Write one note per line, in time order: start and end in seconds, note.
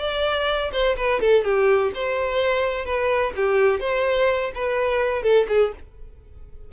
0.00 0.71 D5
0.73 0.96 C5
0.97 1.21 B4
1.21 1.44 A4
1.44 1.92 G4
1.95 2.85 C5
2.85 3.33 B4
3.37 3.80 G4
3.80 4.52 C5
4.55 5.23 B4
5.23 5.47 A4
5.49 5.73 G#4